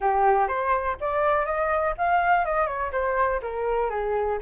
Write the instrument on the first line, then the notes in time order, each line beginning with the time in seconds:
flute
0.00 G4
0.48 C5
1.00 D5
1.45 D#5
1.97 F5
2.45 D#5
2.67 C#5
2.92 C5
3.41 A#4
3.90 G#4